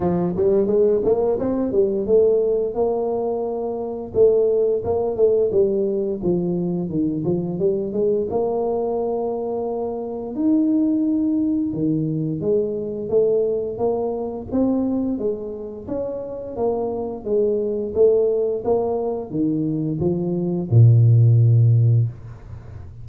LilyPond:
\new Staff \with { instrumentName = "tuba" } { \time 4/4 \tempo 4 = 87 f8 g8 gis8 ais8 c'8 g8 a4 | ais2 a4 ais8 a8 | g4 f4 dis8 f8 g8 gis8 | ais2. dis'4~ |
dis'4 dis4 gis4 a4 | ais4 c'4 gis4 cis'4 | ais4 gis4 a4 ais4 | dis4 f4 ais,2 | }